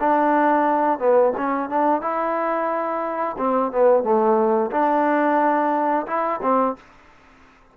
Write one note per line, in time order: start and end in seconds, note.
0.00 0.99 D4
0.99 1.33 B3
1.37 1.69 C#4
1.69 2.02 D4
2.02 3.36 E4
3.38 3.72 C4
3.72 4.03 B3
4.03 4.71 A3
4.71 6.06 D4
6.06 6.40 E4
6.43 6.76 C4